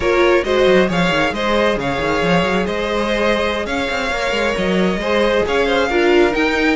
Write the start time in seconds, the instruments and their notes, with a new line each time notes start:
0.00 cello A#3, viola F4, violin A#4 C#5
0.43 cello G#3, viola F#4, violin C5 D#5
0.66 cello F#3
0.88 cello F3, viola G#4, violin C#5 F5
1.10 cello D#3
1.32 cello G#3, violin C5 D#5
1.76 cello C#3, violin C#5 F5
2.00 cello D#3
2.22 cello F3
2.43 cello F#3
2.65 cello G#3, violin C5 D#5
3.65 cello C#4, violin C#5 F5
3.90 cello C4
4.11 cello A#3, viola A#4
4.31 cello G#3
4.56 cello F#3, violin D#5
4.96 cello G#3, viola G#4, violin C5
5.46 cello C#4, violin C#5 F5
5.66 violin C5
5.88 cello D4, viola F4, violin A#4
6.31 viola D#4, cello D#4, violin G5